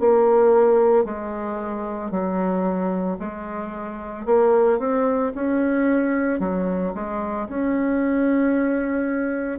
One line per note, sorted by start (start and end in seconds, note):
0.00 1.05 A#3
1.05 2.11 G#3
2.11 3.18 F#3
3.19 4.26 G#3
4.26 4.79 A#3
4.79 5.33 C4
5.35 6.40 C#4
6.40 6.94 F#3
6.95 7.49 G#3
7.49 9.59 C#4